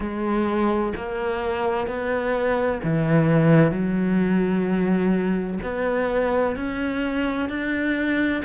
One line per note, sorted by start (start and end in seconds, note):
0.00 0.93 G#3
0.96 1.87 A#3
1.87 2.81 B3
2.83 3.71 E3
3.71 5.58 F#3
5.62 6.56 B3
6.56 7.49 C#4
7.49 8.42 D4